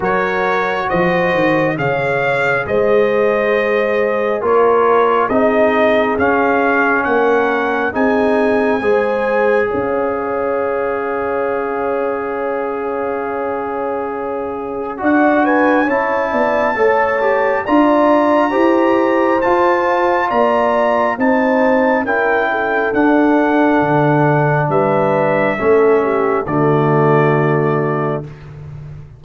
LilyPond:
<<
  \new Staff \with { instrumentName = "trumpet" } { \time 4/4 \tempo 4 = 68 cis''4 dis''4 f''4 dis''4~ | dis''4 cis''4 dis''4 f''4 | fis''4 gis''2 f''4~ | f''1~ |
f''4 fis''8 gis''8 a''2 | ais''2 a''4 ais''4 | a''4 g''4 fis''2 | e''2 d''2 | }
  \new Staff \with { instrumentName = "horn" } { \time 4/4 ais'4 c''4 cis''4 c''4~ | c''4 ais'4 gis'2 | ais'4 gis'4 c''4 cis''4~ | cis''1~ |
cis''4 d''8 b'8 cis''8 d''8 cis''4 | d''4 c''2 d''4 | c''4 ais'8 a'2~ a'8 | b'4 a'8 g'8 fis'2 | }
  \new Staff \with { instrumentName = "trombone" } { \time 4/4 fis'2 gis'2~ | gis'4 f'4 dis'4 cis'4~ | cis'4 dis'4 gis'2~ | gis'1~ |
gis'4 fis'4 e'4 a'8 g'8 | f'4 g'4 f'2 | dis'4 e'4 d'2~ | d'4 cis'4 a2 | }
  \new Staff \with { instrumentName = "tuba" } { \time 4/4 fis4 f8 dis8 cis4 gis4~ | gis4 ais4 c'4 cis'4 | ais4 c'4 gis4 cis'4~ | cis'1~ |
cis'4 d'4 cis'8 b8 a4 | d'4 e'4 f'4 ais4 | c'4 cis'4 d'4 d4 | g4 a4 d2 | }
>>